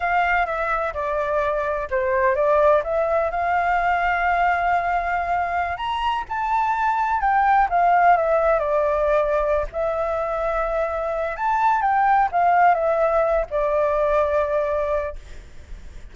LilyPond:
\new Staff \with { instrumentName = "flute" } { \time 4/4 \tempo 4 = 127 f''4 e''4 d''2 | c''4 d''4 e''4 f''4~ | f''1~ | f''16 ais''4 a''2 g''8.~ |
g''16 f''4 e''4 d''4.~ d''16~ | d''8 e''2.~ e''8 | a''4 g''4 f''4 e''4~ | e''8 d''2.~ d''8 | }